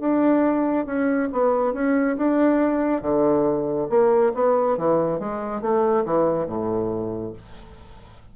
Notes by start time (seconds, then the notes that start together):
0.00 D4
0.86 C#4
1.32 B3
1.74 C#4
2.17 D4
3.02 D3
3.89 A#3
4.34 B3
4.77 E3
5.20 G#3
5.62 A3
6.05 E3
6.47 A2